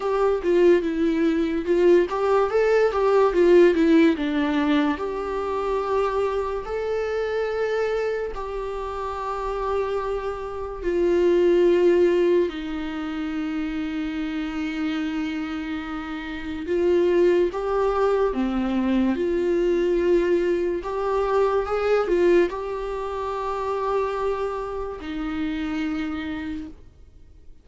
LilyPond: \new Staff \with { instrumentName = "viola" } { \time 4/4 \tempo 4 = 72 g'8 f'8 e'4 f'8 g'8 a'8 g'8 | f'8 e'8 d'4 g'2 | a'2 g'2~ | g'4 f'2 dis'4~ |
dis'1 | f'4 g'4 c'4 f'4~ | f'4 g'4 gis'8 f'8 g'4~ | g'2 dis'2 | }